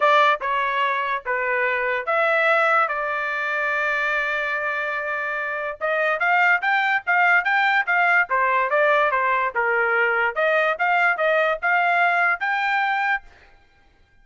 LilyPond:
\new Staff \with { instrumentName = "trumpet" } { \time 4/4 \tempo 4 = 145 d''4 cis''2 b'4~ | b'4 e''2 d''4~ | d''1~ | d''2 dis''4 f''4 |
g''4 f''4 g''4 f''4 | c''4 d''4 c''4 ais'4~ | ais'4 dis''4 f''4 dis''4 | f''2 g''2 | }